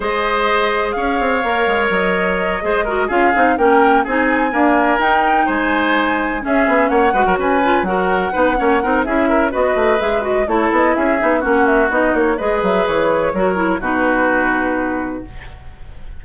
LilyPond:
<<
  \new Staff \with { instrumentName = "flute" } { \time 4/4 \tempo 4 = 126 dis''2 f''2 | dis''2~ dis''8 f''4 g''8~ | g''8 gis''2 g''4 gis''8~ | gis''4. e''4 fis''4 gis''8~ |
gis''8 fis''2~ fis''8 e''4 | dis''4 e''8 dis''8 cis''8 dis''8 e''4 | fis''8 e''8 dis''8 cis''8 dis''8 e''8 cis''4~ | cis''4 b'2. | }
  \new Staff \with { instrumentName = "oboe" } { \time 4/4 c''2 cis''2~ | cis''4. c''8 ais'8 gis'4 ais'8~ | ais'8 gis'4 ais'2 c''8~ | c''4. gis'4 cis''8 b'16 ais'16 b'8~ |
b'8 ais'4 b'8 cis''8 ais'8 gis'8 ais'8 | b'2 a'4 gis'4 | fis'2 b'2 | ais'4 fis'2. | }
  \new Staff \with { instrumentName = "clarinet" } { \time 4/4 gis'2. ais'4~ | ais'4. gis'8 fis'8 f'8 dis'8 cis'8~ | cis'8 dis'4 ais4 dis'4.~ | dis'4. cis'4. fis'4 |
f'8 fis'4 dis'8 cis'8 dis'8 e'4 | fis'4 gis'8 fis'8 e'4. dis'8 | cis'4 dis'4 gis'2 | fis'8 e'8 dis'2. | }
  \new Staff \with { instrumentName = "bassoon" } { \time 4/4 gis2 cis'8 c'8 ais8 gis8 | fis4. gis4 cis'8 c'8 ais8~ | ais8 c'4 d'4 dis'4 gis8~ | gis4. cis'8 b8 ais8 gis16 fis16 cis'8~ |
cis'8 fis4 b8 ais8 c'8 cis'4 | b8 a8 gis4 a8 b8 cis'8 b8 | ais4 b8 ais8 gis8 fis8 e4 | fis4 b,2. | }
>>